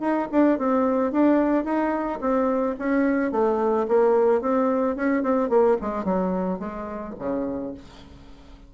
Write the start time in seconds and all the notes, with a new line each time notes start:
0.00 D#4
0.32 D4
0.59 C4
1.12 D4
1.64 D#4
2.21 C4
2.79 C#4
3.32 A3
3.88 A#3
4.41 C4
4.96 C#4
5.23 C4
5.49 A#3
5.81 G#3
6.05 F#3
6.59 G#3
7.19 C#3